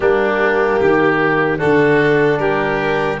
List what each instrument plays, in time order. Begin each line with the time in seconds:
0.00 tuba G3, trombone A#3, oboe D4, violin G4
0.80 tuba D#3, oboe G4
1.58 tuba D3, trombone D4, oboe F#4, violin A4
2.38 tuba G3, oboe G4, violin A#4